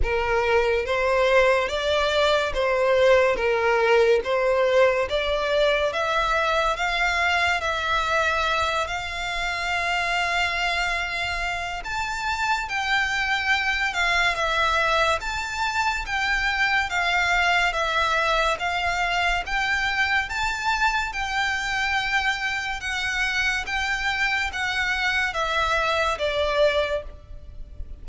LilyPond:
\new Staff \with { instrumentName = "violin" } { \time 4/4 \tempo 4 = 71 ais'4 c''4 d''4 c''4 | ais'4 c''4 d''4 e''4 | f''4 e''4. f''4.~ | f''2 a''4 g''4~ |
g''8 f''8 e''4 a''4 g''4 | f''4 e''4 f''4 g''4 | a''4 g''2 fis''4 | g''4 fis''4 e''4 d''4 | }